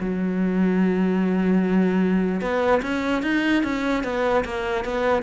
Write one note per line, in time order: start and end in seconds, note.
0.00 2.41 F#3
2.41 2.81 B3
2.82 3.22 C#4
3.22 3.63 D#4
3.63 4.04 C#4
4.04 4.44 B3
4.44 4.85 A#3
4.85 5.22 B3